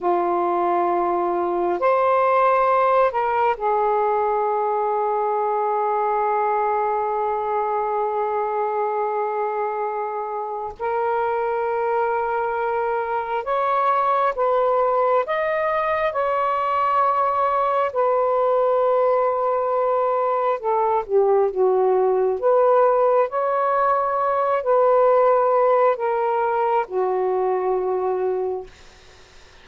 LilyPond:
\new Staff \with { instrumentName = "saxophone" } { \time 4/4 \tempo 4 = 67 f'2 c''4. ais'8 | gis'1~ | gis'1 | ais'2. cis''4 |
b'4 dis''4 cis''2 | b'2. a'8 g'8 | fis'4 b'4 cis''4. b'8~ | b'4 ais'4 fis'2 | }